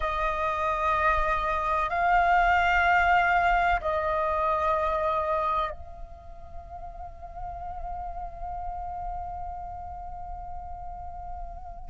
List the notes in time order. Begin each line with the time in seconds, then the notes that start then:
0.00 D#5
1.89 F5
3.81 D#5
5.70 F5